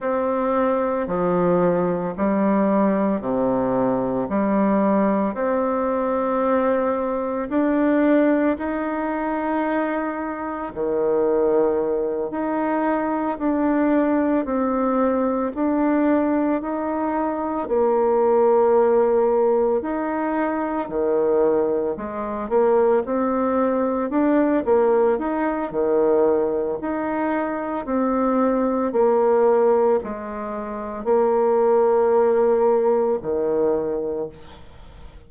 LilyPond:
\new Staff \with { instrumentName = "bassoon" } { \time 4/4 \tempo 4 = 56 c'4 f4 g4 c4 | g4 c'2 d'4 | dis'2 dis4. dis'8~ | dis'8 d'4 c'4 d'4 dis'8~ |
dis'8 ais2 dis'4 dis8~ | dis8 gis8 ais8 c'4 d'8 ais8 dis'8 | dis4 dis'4 c'4 ais4 | gis4 ais2 dis4 | }